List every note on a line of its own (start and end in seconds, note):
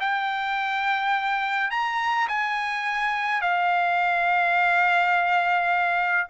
0.00 1.70 G5
1.70 2.28 A#5
2.28 3.41 G#5
3.41 6.27 F5